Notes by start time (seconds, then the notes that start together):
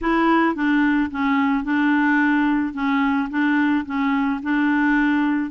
0.01 E4
0.55 D4
1.10 C#4
1.64 D4
2.73 C#4
3.30 D4
3.85 C#4
4.43 D4